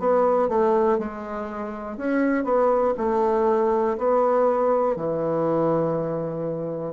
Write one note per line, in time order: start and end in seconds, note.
0.00 0.49 B3
0.49 0.99 A3
0.99 1.98 G#3
1.98 2.45 C#4
2.45 2.95 B3
2.98 3.98 A3
3.98 4.96 B3
4.96 6.94 E3